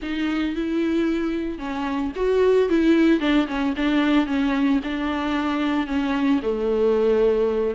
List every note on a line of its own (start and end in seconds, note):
0.02 0.55 D#4
0.55 1.58 E4
1.58 2.12 C#4
2.15 2.69 F#4
2.69 3.19 E4
3.19 3.46 D4
3.47 3.74 C#4
3.76 4.26 D4
4.26 4.80 C#4
4.83 5.86 D4
5.86 6.40 C#4
6.42 7.75 A3